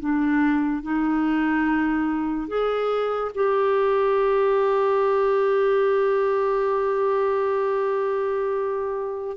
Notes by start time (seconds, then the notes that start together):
0.00 D4
0.83 D#4
2.48 G#4
3.35 G4